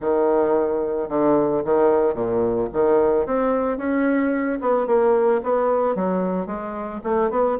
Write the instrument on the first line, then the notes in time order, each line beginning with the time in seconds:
bassoon
0.00 D#3
1.08 D3
1.64 D#3
2.14 A#2
2.72 D#3
3.26 C4
3.77 C#4
4.61 B3
4.86 A#3
5.43 B3
5.95 F#3
6.46 G#3
7.03 A3
7.30 B3